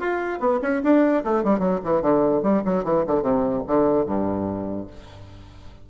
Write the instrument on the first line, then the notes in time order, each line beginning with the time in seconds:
bassoon
0.00 F4
0.40 B3
0.63 C#4
0.84 D4
1.25 A3
1.44 G3
1.60 F#3
1.85 E3
2.03 D3
2.43 G3
2.66 F#3
2.85 E3
3.07 D3
3.23 C3
3.67 D3
4.07 G2